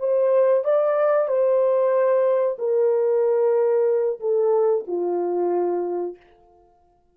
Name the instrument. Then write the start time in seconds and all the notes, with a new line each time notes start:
horn
0.00 C5
0.65 D5
1.28 C5
2.58 A#4
4.21 A4
4.88 F4